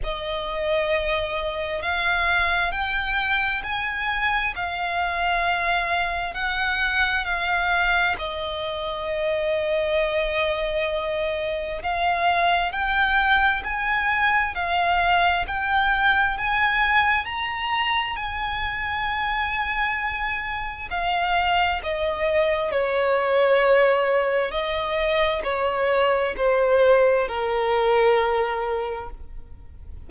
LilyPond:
\new Staff \with { instrumentName = "violin" } { \time 4/4 \tempo 4 = 66 dis''2 f''4 g''4 | gis''4 f''2 fis''4 | f''4 dis''2.~ | dis''4 f''4 g''4 gis''4 |
f''4 g''4 gis''4 ais''4 | gis''2. f''4 | dis''4 cis''2 dis''4 | cis''4 c''4 ais'2 | }